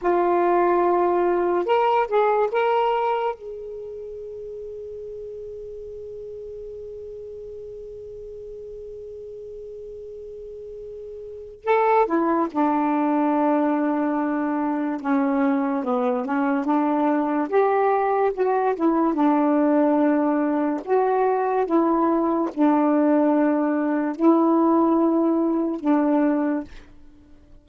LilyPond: \new Staff \with { instrumentName = "saxophone" } { \time 4/4 \tempo 4 = 72 f'2 ais'8 gis'8 ais'4 | gis'1~ | gis'1~ | gis'2 a'8 e'8 d'4~ |
d'2 cis'4 b8 cis'8 | d'4 g'4 fis'8 e'8 d'4~ | d'4 fis'4 e'4 d'4~ | d'4 e'2 d'4 | }